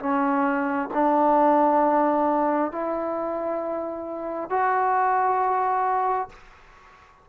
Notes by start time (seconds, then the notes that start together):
0.00 C#4
0.94 D4
2.72 E4
4.50 F#4